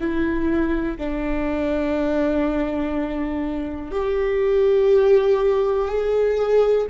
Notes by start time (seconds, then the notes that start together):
0.00 E4
0.97 D4
3.92 G4
5.88 G#4